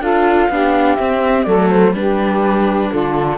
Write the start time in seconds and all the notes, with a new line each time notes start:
0.00 D4 F4 A4 F5
0.49 B3 D4 G4
0.96 C4 E5
1.43 F#3 A3 A4 D5
1.70 C5
1.93 G3 D4 G4 B4
2.90 D3 F4 A4